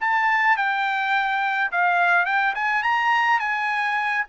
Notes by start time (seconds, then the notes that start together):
0.00 A5
0.56 G5
1.71 F5
2.25 G5
2.55 G#5
2.83 A#5
3.39 G#5